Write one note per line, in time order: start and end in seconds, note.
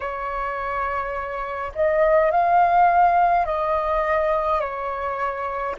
0.00 1.72 C#5
1.75 2.31 D#5
2.31 3.45 F5
3.45 4.60 D#5
4.60 5.75 C#5